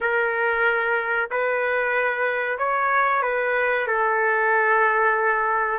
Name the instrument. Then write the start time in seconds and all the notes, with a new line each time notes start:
trumpet
0.01 A#4
1.30 B4
2.58 C#5
3.22 B4
3.87 A4